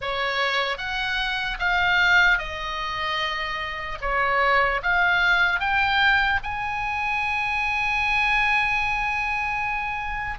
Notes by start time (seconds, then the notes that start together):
0.01 C#5
0.77 F#5
1.59 F5
2.38 D#5
4.01 C#5
4.82 F5
5.60 G5
6.43 G#5